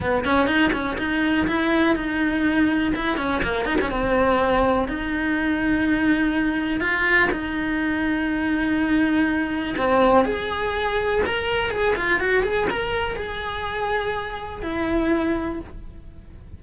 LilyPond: \new Staff \with { instrumentName = "cello" } { \time 4/4 \tempo 4 = 123 b8 cis'8 dis'8 cis'8 dis'4 e'4 | dis'2 e'8 cis'8 ais8 dis'16 cis'16 | c'2 dis'2~ | dis'2 f'4 dis'4~ |
dis'1 | c'4 gis'2 ais'4 | gis'8 f'8 fis'8 gis'8 ais'4 gis'4~ | gis'2 e'2 | }